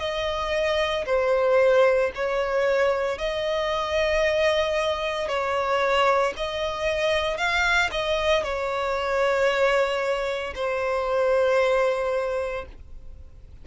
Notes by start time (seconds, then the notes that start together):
0.00 D#5
1.06 C5
2.15 C#5
3.18 D#5
5.28 C#5
6.37 D#5
7.37 F5
7.91 D#5
8.44 C#5
10.55 C5